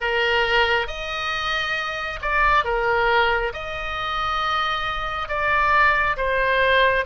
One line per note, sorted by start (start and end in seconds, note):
0.00 0.87 A#4
0.87 2.19 D#5
2.21 2.64 D5
2.64 3.53 A#4
3.53 5.28 D#5
5.28 6.16 D5
6.16 7.05 C5